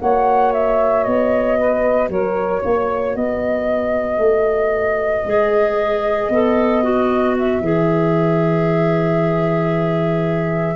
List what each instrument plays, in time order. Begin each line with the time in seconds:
0.00 tuba A#3, clarinet F#4, saxophone C#5, flute F#5
0.53 flute E5
1.04 tuba B3, flute D#5
1.59 saxophone B4
2.09 tuba F#3, saxophone A#4, flute C#5
2.64 tuba A#3, saxophone C#5
3.16 tuba B3, saxophone B4, flute D#5
4.18 tuba A3
5.25 tuba G#3, clarinet G#4
6.30 tuba B3, clarinet A4
6.83 clarinet F#4
7.39 flute E5
7.61 tuba E3, clarinet G#4